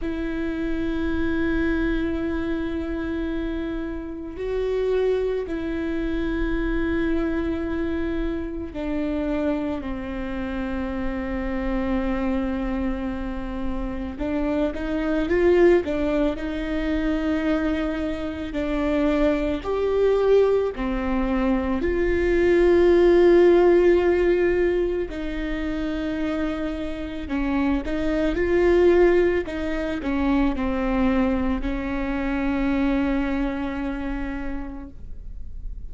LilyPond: \new Staff \with { instrumentName = "viola" } { \time 4/4 \tempo 4 = 55 e'1 | fis'4 e'2. | d'4 c'2.~ | c'4 d'8 dis'8 f'8 d'8 dis'4~ |
dis'4 d'4 g'4 c'4 | f'2. dis'4~ | dis'4 cis'8 dis'8 f'4 dis'8 cis'8 | c'4 cis'2. | }